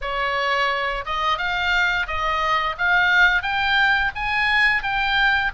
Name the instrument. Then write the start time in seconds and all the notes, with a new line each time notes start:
oboe
0.01 C#5
1.05 D#5
1.38 F5
2.07 D#5
2.77 F5
3.42 G5
4.15 G#5
4.82 G5